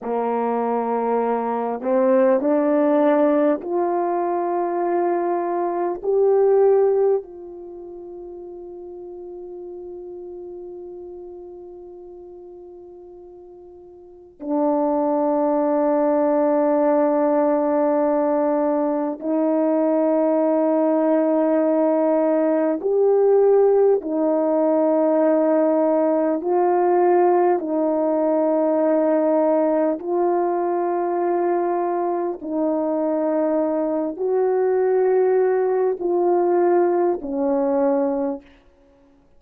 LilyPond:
\new Staff \with { instrumentName = "horn" } { \time 4/4 \tempo 4 = 50 ais4. c'8 d'4 f'4~ | f'4 g'4 f'2~ | f'1 | d'1 |
dis'2. g'4 | dis'2 f'4 dis'4~ | dis'4 f'2 dis'4~ | dis'8 fis'4. f'4 cis'4 | }